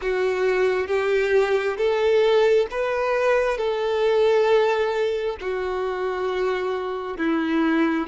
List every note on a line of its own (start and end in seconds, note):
0.01 0.87 F#4
0.87 1.77 G4
1.77 2.66 A4
2.71 3.57 B4
3.57 5.36 A4
5.40 7.17 F#4
7.17 8.07 E4